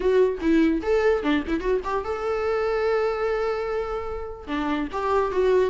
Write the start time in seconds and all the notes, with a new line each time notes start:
0.00 F#4
0.40 E4
0.82 A4
1.22 D4
1.47 E4
1.60 F#4
1.84 G4
2.04 A4
4.47 D4
4.91 G4
5.31 F#4